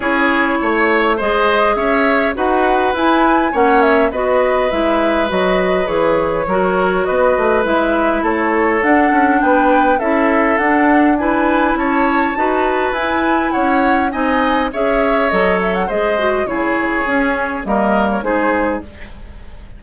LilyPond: <<
  \new Staff \with { instrumentName = "flute" } { \time 4/4 \tempo 4 = 102 cis''2 dis''4 e''4 | fis''4 gis''4 fis''8 e''8 dis''4 | e''4 dis''4 cis''2 | dis''4 e''4 cis''4 fis''4 |
g''4 e''4 fis''4 gis''4 | a''2 gis''4 fis''4 | gis''4 e''4 dis''8 e''16 fis''16 dis''4 | cis''2 dis''8. cis''16 c''4 | }
  \new Staff \with { instrumentName = "oboe" } { \time 4/4 gis'4 cis''4 c''4 cis''4 | b'2 cis''4 b'4~ | b'2. ais'4 | b'2 a'2 |
b'4 a'2 b'4 | cis''4 b'2 cis''4 | dis''4 cis''2 c''4 | gis'2 ais'4 gis'4 | }
  \new Staff \with { instrumentName = "clarinet" } { \time 4/4 e'2 gis'2 | fis'4 e'4 cis'4 fis'4 | e'4 fis'4 gis'4 fis'4~ | fis'4 e'2 d'4~ |
d'4 e'4 d'4 e'4~ | e'4 fis'4 e'2 | dis'4 gis'4 a'4 gis'8 fis'8 | e'4 cis'4 ais4 dis'4 | }
  \new Staff \with { instrumentName = "bassoon" } { \time 4/4 cis'4 a4 gis4 cis'4 | dis'4 e'4 ais4 b4 | gis4 fis4 e4 fis4 | b8 a8 gis4 a4 d'8 cis'8 |
b4 cis'4 d'2 | cis'4 dis'4 e'4 cis'4 | c'4 cis'4 fis4 gis4 | cis4 cis'4 g4 gis4 | }
>>